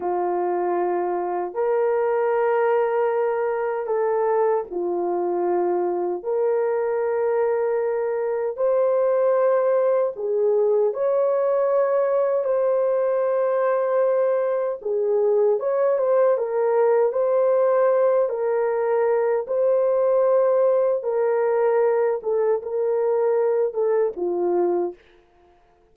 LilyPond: \new Staff \with { instrumentName = "horn" } { \time 4/4 \tempo 4 = 77 f'2 ais'2~ | ais'4 a'4 f'2 | ais'2. c''4~ | c''4 gis'4 cis''2 |
c''2. gis'4 | cis''8 c''8 ais'4 c''4. ais'8~ | ais'4 c''2 ais'4~ | ais'8 a'8 ais'4. a'8 f'4 | }